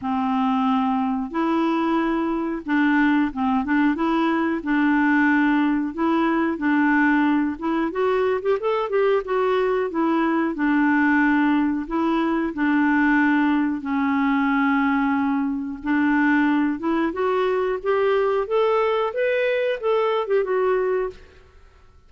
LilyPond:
\new Staff \with { instrumentName = "clarinet" } { \time 4/4 \tempo 4 = 91 c'2 e'2 | d'4 c'8 d'8 e'4 d'4~ | d'4 e'4 d'4. e'8 | fis'8. g'16 a'8 g'8 fis'4 e'4 |
d'2 e'4 d'4~ | d'4 cis'2. | d'4. e'8 fis'4 g'4 | a'4 b'4 a'8. g'16 fis'4 | }